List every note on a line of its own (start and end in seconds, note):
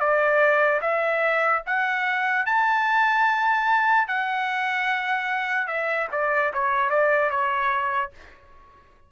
0.00 0.81 D5
0.82 1.63 E5
1.67 2.46 F#5
2.46 4.08 A5
4.08 5.68 F#5
5.68 6.08 E5
6.12 6.53 D5
6.54 6.90 C#5
6.90 7.30 D5
7.30 8.12 C#5